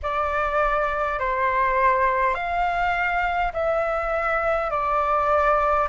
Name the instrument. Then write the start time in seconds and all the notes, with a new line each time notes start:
flute
0.02 D5
1.19 C5
2.34 F5
3.53 E5
4.70 D5